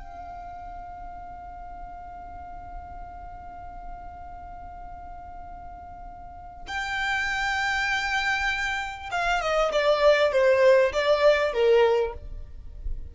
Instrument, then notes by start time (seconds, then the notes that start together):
violin
0.00 F5
6.68 G5
9.12 F5
9.41 D#5
9.72 D5
10.32 C5
10.93 D5
11.53 A#4